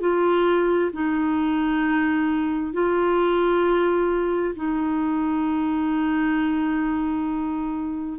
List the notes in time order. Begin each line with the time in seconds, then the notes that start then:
0.00 F4
0.93 D#4
2.73 F4
4.55 D#4